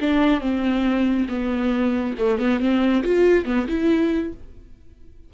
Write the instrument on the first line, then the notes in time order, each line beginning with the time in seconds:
viola
0.00 D4
0.41 C4
1.29 B3
2.19 A3
2.39 B3
2.60 C4
3.04 F4
3.45 B3
3.68 E4